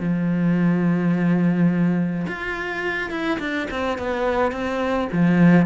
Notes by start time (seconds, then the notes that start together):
0.00 F3
2.27 F4
3.11 E4
3.40 D4
3.71 C4
3.98 B3
4.52 C4
5.13 F3